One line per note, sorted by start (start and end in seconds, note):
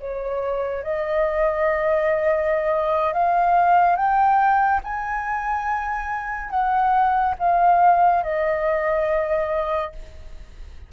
0.00 0.83 C#5
0.83 3.13 D#5
3.13 3.96 F5
3.96 4.81 G5
4.84 6.50 G#5
6.50 7.35 F#5
7.39 8.23 F5
8.23 9.92 D#5